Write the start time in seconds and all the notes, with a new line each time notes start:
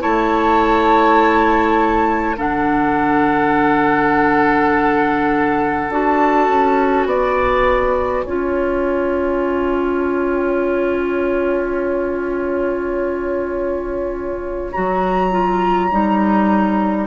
0.00 A3 E4 C#5 A5
2.37 D3 D4 A4 F#5
5.89 D4 F#4 A5
6.48 C#4
7.04 B3 D5 G#5
8.25 C#4 F4 C#5
14.72 F#3 F#4 A#5
15.31 F4
15.91 G3 D#4